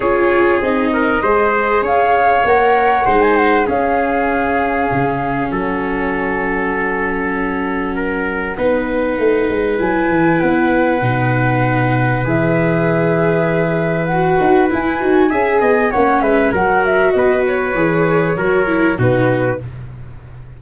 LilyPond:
<<
  \new Staff \with { instrumentName = "flute" } { \time 4/4 \tempo 4 = 98 cis''4 dis''2 f''4 | fis''4~ fis''16 gis''16 fis''8 f''2~ | f''4 fis''2.~ | fis''1 |
gis''4 fis''2. | e''2. fis''4 | gis''2 fis''8 e''8 fis''8 e''8 | dis''8 cis''2~ cis''8 b'4 | }
  \new Staff \with { instrumentName = "trumpet" } { \time 4/4 gis'4. ais'8 c''4 cis''4~ | cis''4 c''4 gis'2~ | gis'4 a'2.~ | a'4 ais'4 b'2~ |
b'1~ | b'1~ | b'4 e''8 dis''8 cis''8 b'8 ais'4 | b'2 ais'4 fis'4 | }
  \new Staff \with { instrumentName = "viola" } { \time 4/4 f'4 dis'4 gis'2 | ais'4 dis'4 cis'2~ | cis'1~ | cis'2 dis'2 |
e'2 dis'2 | gis'2. fis'4 | e'8 fis'8 gis'4 cis'4 fis'4~ | fis'4 gis'4 fis'8 e'8 dis'4 | }
  \new Staff \with { instrumentName = "tuba" } { \time 4/4 cis'4 c'4 gis4 cis'4 | ais4 gis4 cis'2 | cis4 fis2.~ | fis2 b4 a8 gis8 |
fis8 e8 b4 b,2 | e2.~ e8 dis'8 | e'8 dis'8 cis'8 b8 ais8 gis8 fis4 | b4 e4 fis4 b,4 | }
>>